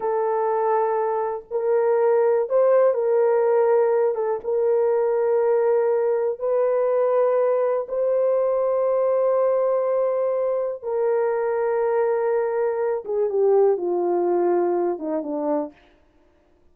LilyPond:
\new Staff \with { instrumentName = "horn" } { \time 4/4 \tempo 4 = 122 a'2. ais'4~ | ais'4 c''4 ais'2~ | ais'8 a'8 ais'2.~ | ais'4 b'2. |
c''1~ | c''2 ais'2~ | ais'2~ ais'8 gis'8 g'4 | f'2~ f'8 dis'8 d'4 | }